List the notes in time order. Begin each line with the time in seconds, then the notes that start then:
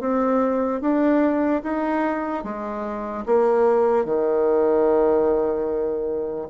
0.00 C4
0.81 D4
1.63 D#4
2.44 G#3
3.26 A#3
4.05 D#3